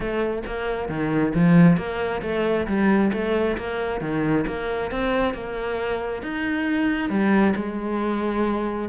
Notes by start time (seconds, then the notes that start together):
0.00 A3
0.46 A#3
0.88 D#3
1.34 F3
1.77 A#3
2.22 A3
2.67 G3
3.12 A3
3.57 A#3
4.00 D#3
4.47 A#3
4.91 C4
5.34 A#3
6.22 D#4
7.09 G3
7.55 G#3